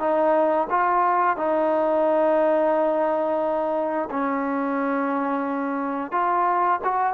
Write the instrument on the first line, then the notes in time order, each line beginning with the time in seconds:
trombone
0.00 D#4
0.70 F4
1.37 D#4
4.11 C#4
6.12 F4
6.84 F#4